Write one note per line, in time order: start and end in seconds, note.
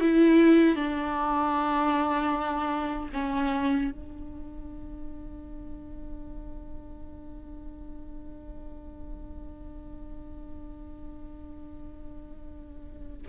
0.00 0.75 E4
0.75 3.09 D4
3.13 3.91 C#4
3.91 13.26 D4